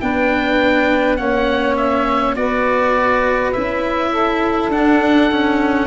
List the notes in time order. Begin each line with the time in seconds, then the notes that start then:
0.00 B3 D4 B4 G5
1.16 A#3 C#4 C#5 F#5
1.76 E5
2.35 B3 F#4 B4 D5
3.52 C#4 E4 E5
4.11 A4
4.68 D4 F#5
5.31 C#4